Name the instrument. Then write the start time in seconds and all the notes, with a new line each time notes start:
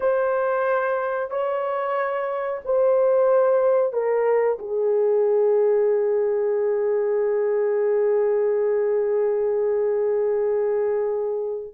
horn
0.00 C5
1.30 C#5
2.64 C5
3.92 A#4
4.59 G#4